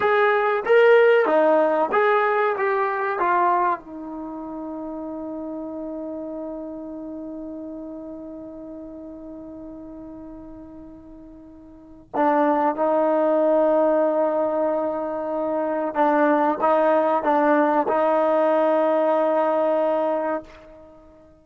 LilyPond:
\new Staff \with { instrumentName = "trombone" } { \time 4/4 \tempo 4 = 94 gis'4 ais'4 dis'4 gis'4 | g'4 f'4 dis'2~ | dis'1~ | dis'1~ |
dis'2. d'4 | dis'1~ | dis'4 d'4 dis'4 d'4 | dis'1 | }